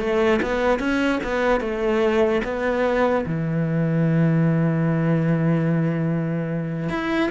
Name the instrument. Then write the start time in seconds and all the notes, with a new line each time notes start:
cello
0.00 A3
0.42 B3
0.80 C#4
1.24 B3
1.61 A3
2.44 B3
3.26 E3
6.90 E4